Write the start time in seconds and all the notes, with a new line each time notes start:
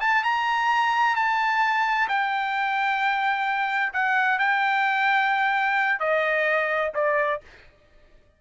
0.00 A5
0.23 A#5
1.15 A5
2.08 G5
3.93 F#5
4.38 G5
5.99 D#5
6.94 D5